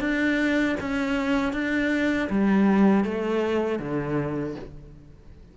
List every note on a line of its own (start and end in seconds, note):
0.00 0.76 D4
0.80 1.53 C#4
1.53 2.29 D4
2.29 3.04 G3
3.04 3.79 A3
3.79 4.55 D3